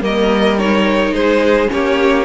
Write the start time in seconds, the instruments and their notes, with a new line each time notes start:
0.00 cello G3, viola A#3, violin A#4 D#5
0.58 viola D#4, violin C#5
1.12 cello G#3, violin G#4 C5
1.67 cello A#3, viola C#4, violin G4 C#5